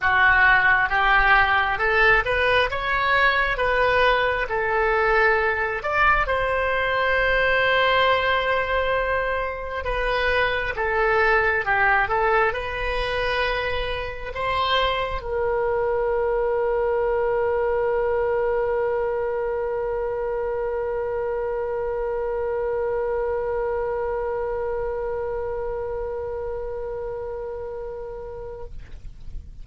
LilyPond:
\new Staff \with { instrumentName = "oboe" } { \time 4/4 \tempo 4 = 67 fis'4 g'4 a'8 b'8 cis''4 | b'4 a'4. d''8 c''4~ | c''2. b'4 | a'4 g'8 a'8 b'2 |
c''4 ais'2.~ | ais'1~ | ais'1~ | ais'1 | }